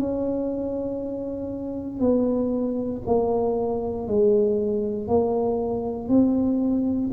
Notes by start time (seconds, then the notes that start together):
0.00 C#4
2.00 B3
3.06 A#3
4.08 G#3
5.08 A#3
6.09 C4